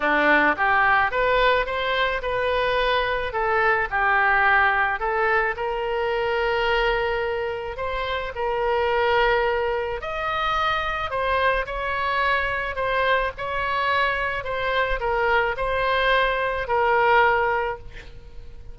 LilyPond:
\new Staff \with { instrumentName = "oboe" } { \time 4/4 \tempo 4 = 108 d'4 g'4 b'4 c''4 | b'2 a'4 g'4~ | g'4 a'4 ais'2~ | ais'2 c''4 ais'4~ |
ais'2 dis''2 | c''4 cis''2 c''4 | cis''2 c''4 ais'4 | c''2 ais'2 | }